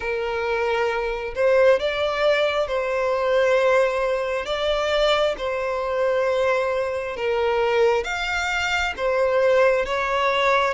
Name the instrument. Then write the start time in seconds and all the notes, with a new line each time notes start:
violin
0.00 A#4
1.35 C5
1.79 D5
2.67 C5
4.45 D5
5.37 C5
7.16 A#4
8.04 F5
8.96 C5
9.85 C#5